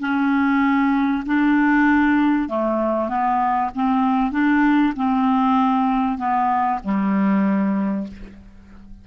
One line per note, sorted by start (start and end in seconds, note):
0.00 1.24 C#4
1.26 2.49 D4
2.49 3.09 A3
3.09 3.71 B3
3.75 4.32 C4
4.32 4.93 D4
4.96 6.18 C4
6.18 6.80 B3
6.84 8.07 G3